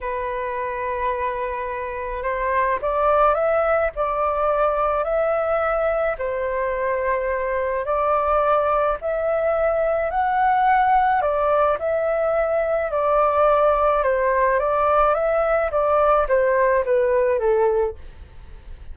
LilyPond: \new Staff \with { instrumentName = "flute" } { \time 4/4 \tempo 4 = 107 b'1 | c''4 d''4 e''4 d''4~ | d''4 e''2 c''4~ | c''2 d''2 |
e''2 fis''2 | d''4 e''2 d''4~ | d''4 c''4 d''4 e''4 | d''4 c''4 b'4 a'4 | }